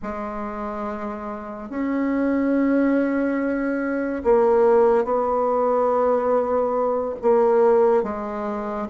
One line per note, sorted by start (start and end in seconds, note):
0.02 1.69 G#3
1.69 4.23 C#4
4.24 5.04 A#3
5.04 7.15 B3
7.22 8.03 A#3
8.03 8.87 G#3